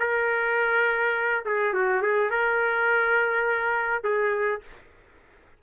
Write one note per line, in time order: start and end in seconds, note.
0.00 1.44 A#4
1.46 1.74 G#4
1.74 2.03 F#4
2.03 2.31 G#4
2.31 4.04 A#4
4.04 4.62 G#4